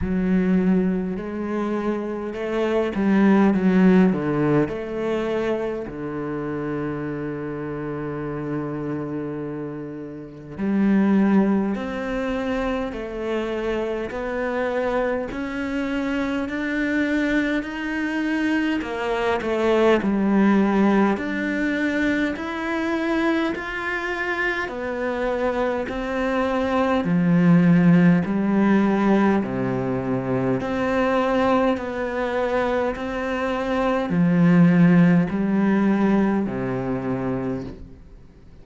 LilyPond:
\new Staff \with { instrumentName = "cello" } { \time 4/4 \tempo 4 = 51 fis4 gis4 a8 g8 fis8 d8 | a4 d2.~ | d4 g4 c'4 a4 | b4 cis'4 d'4 dis'4 |
ais8 a8 g4 d'4 e'4 | f'4 b4 c'4 f4 | g4 c4 c'4 b4 | c'4 f4 g4 c4 | }